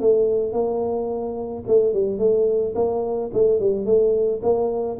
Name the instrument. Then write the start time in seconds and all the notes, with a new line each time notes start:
tuba
0.00 A3
0.52 A#3
1.67 A3
1.93 G3
2.18 A3
2.75 A#3
3.33 A3
3.59 G3
3.85 A3
4.42 A#3